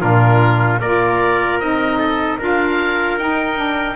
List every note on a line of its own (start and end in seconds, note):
0.00 0.81 A#2
0.00 0.79 D4
0.00 0.79 F4
0.00 0.79 A#4
0.79 1.60 A#3
0.79 1.61 F4
0.79 1.98 A#4
0.79 1.59 D5
1.60 2.38 C4
1.60 2.40 D#4
1.60 2.38 D#5
1.98 2.37 A4
2.38 3.17 D4
2.38 3.18 F4
2.38 3.96 A#4
2.38 3.18 F5
3.17 3.96 D#4
3.17 3.56 D#4
3.17 3.96 G5
3.56 3.95 D4